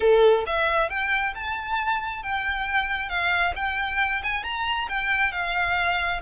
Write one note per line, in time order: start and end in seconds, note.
0.00 0.44 A4
0.46 0.89 E5
0.89 1.34 G5
1.34 2.22 A5
2.22 3.09 G5
3.09 3.53 F5
3.55 4.22 G5
4.23 4.43 G#5
4.43 4.88 A#5
4.88 5.32 G5
5.32 6.20 F5